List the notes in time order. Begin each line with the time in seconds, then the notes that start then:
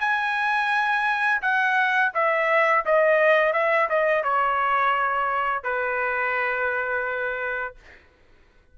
0.00 G#5
1.41 F#5
2.14 E5
2.85 D#5
3.53 E5
3.89 D#5
4.23 C#5
5.63 B4